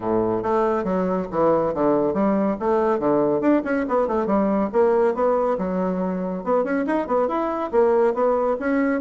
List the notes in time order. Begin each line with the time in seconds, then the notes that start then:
0.00 A2
0.42 A3
0.84 F#3
1.31 E3
1.74 D3
2.13 G3
2.59 A3
2.99 D3
3.40 D4
3.64 C#4
3.88 B3
4.07 A3
4.26 G3
4.72 A#3
5.14 B3
5.58 F#3
6.44 B3
6.64 C#4
6.86 D#4
7.07 B3
7.27 E4
7.71 A#3
8.14 B3
8.59 C#4